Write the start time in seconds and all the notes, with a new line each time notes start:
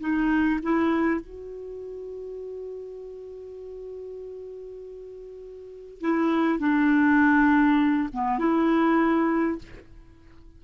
0.00 D#4
0.63 E4
1.21 F#4
6.01 E4
6.59 D4
8.13 B3
8.39 E4